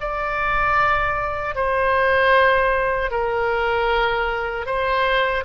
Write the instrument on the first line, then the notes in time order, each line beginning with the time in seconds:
oboe
0.00 D5
1.55 C5
3.11 A#4
4.66 C5